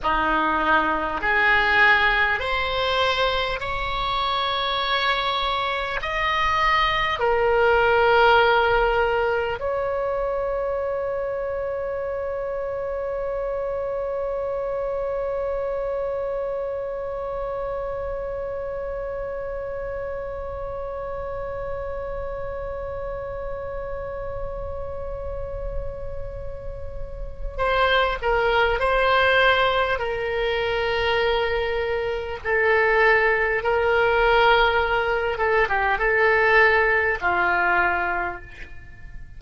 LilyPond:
\new Staff \with { instrumentName = "oboe" } { \time 4/4 \tempo 4 = 50 dis'4 gis'4 c''4 cis''4~ | cis''4 dis''4 ais'2 | cis''1~ | cis''1~ |
cis''1~ | cis''2. c''8 ais'8 | c''4 ais'2 a'4 | ais'4. a'16 g'16 a'4 f'4 | }